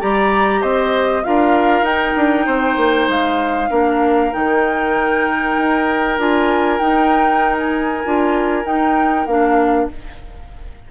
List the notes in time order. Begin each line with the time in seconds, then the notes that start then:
0.00 G3 G4 D5 A#5
0.61 C4 C5 D#5
1.24 D4 F4 A#4 F5
1.82 D#4 G5
2.16 D4
2.46 C4 C5
2.77 A#3
3.08 G#3 F5
3.70 A#3 D4 A#4
4.32 D#3 D#4 G5
5.57 D#4
6.18 D4 F4 G#5
6.79 D#4 G5
7.59 G#5
8.05 D4 F4
8.64 D#4 G5
9.26 A#3 D4 F5